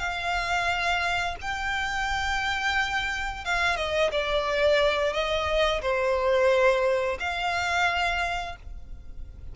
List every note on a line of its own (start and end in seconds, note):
0.00 1.36 F5
1.42 3.45 G5
3.45 3.77 F5
3.77 4.11 D#5
4.12 5.14 D5
5.14 5.82 D#5
5.82 7.19 C5
7.20 8.57 F5